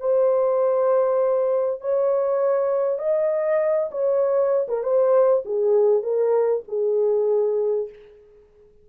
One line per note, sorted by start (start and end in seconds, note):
0.00 1.81 C5
1.81 2.99 C#5
2.99 3.90 D#5
3.91 4.67 C#5
4.68 4.83 A#4
4.83 5.44 C5
5.46 6.03 G#4
6.03 6.64 A#4
6.69 7.90 G#4